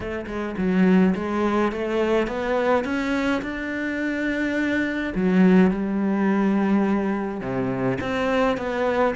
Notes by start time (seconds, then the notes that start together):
0.00 A3
0.26 G#3
0.57 F#3
1.15 G#3
1.72 A3
2.27 B3
2.84 C#4
3.41 D4
5.15 F#3
5.70 G3
7.40 C3
8.01 C4
8.57 B3